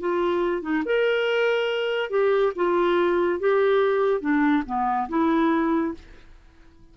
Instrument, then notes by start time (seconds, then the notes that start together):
clarinet
0.00 F4
0.62 D#4
0.85 A#4
2.10 G4
2.56 F4
3.40 G4
4.21 D4
4.66 B3
5.09 E4